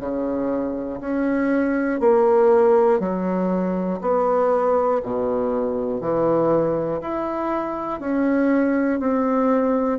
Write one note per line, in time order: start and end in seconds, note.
0.00 1.00 C#3
1.00 2.00 C#4
2.00 3.00 A#3
3.00 4.00 F#3
4.01 5.01 B3
5.03 6.01 B2
6.01 7.01 E3
7.01 8.00 E4
8.00 9.00 C#4
9.00 9.99 C4